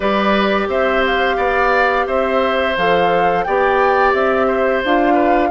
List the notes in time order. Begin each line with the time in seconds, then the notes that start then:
0.00 G3 G4 B4 D5
0.68 C4 C5 E5
1.05 F5
1.36 B3 D5
2.06 C4 C5 E5
2.77 F3 A4 F5
3.43 B3 G4 D5 G5
4.13 C4 E5
4.47 C5
4.84 D4 F4 F5
5.13 B4